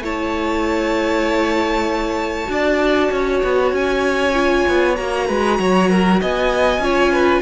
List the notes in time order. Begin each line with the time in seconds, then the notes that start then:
0.00 A3 E4 C#5 A5
2.45 D4 F#4 D5
3.11 C#4 C#5
3.43 B3
3.72 C#4 G#5
4.34 F4
4.68 B3
4.95 A#3 F#4 A#5
5.27 G#3 B4
5.59 F#3 C#5
5.90 A#4
6.21 B3 D#5 G#5
6.78 C#4 F4 C#5
7.12 B4